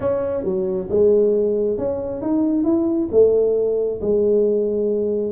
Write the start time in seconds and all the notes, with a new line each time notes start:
0.00 C#4
0.43 F#3
0.89 G#3
1.78 C#4
2.21 D#4
2.63 E4
3.11 A3
4.01 G#3